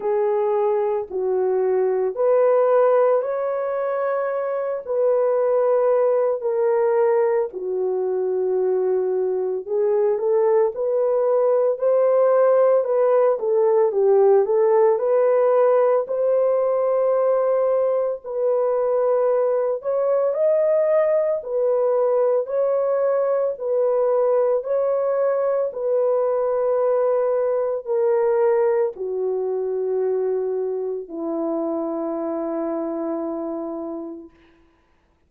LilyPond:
\new Staff \with { instrumentName = "horn" } { \time 4/4 \tempo 4 = 56 gis'4 fis'4 b'4 cis''4~ | cis''8 b'4. ais'4 fis'4~ | fis'4 gis'8 a'8 b'4 c''4 | b'8 a'8 g'8 a'8 b'4 c''4~ |
c''4 b'4. cis''8 dis''4 | b'4 cis''4 b'4 cis''4 | b'2 ais'4 fis'4~ | fis'4 e'2. | }